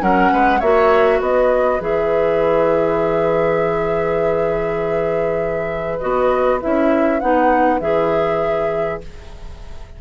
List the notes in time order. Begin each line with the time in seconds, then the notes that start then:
0.00 F#3 C#4 A#4 F#5
0.32 G#3 B4
0.59 A#3 F#4 C#5 E5
1.18 B3 B4 D#5
1.80 E3 G#4 E5
5.99 B3 F#4 D#5
6.61 C#4 E4 E5
7.20 B3 D#4 F#5
7.80 E3 G#4 E5